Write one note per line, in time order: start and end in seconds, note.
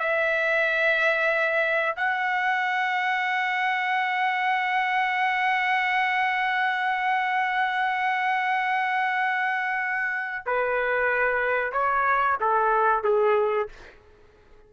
0.00 1.96 E5
1.97 10.45 F#5
10.46 11.72 B4
11.72 12.38 C#5
12.41 13.04 A4
13.04 13.69 G#4